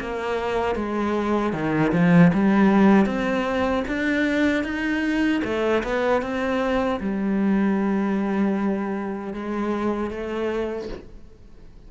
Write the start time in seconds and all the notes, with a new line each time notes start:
0.00 A#3
0.75 G#3
1.53 D#3
1.92 F3
2.33 G3
3.06 C4
3.87 D4
4.64 D#4
5.44 A3
5.83 B3
6.22 C4
7.00 G3
9.33 G#3
10.11 A3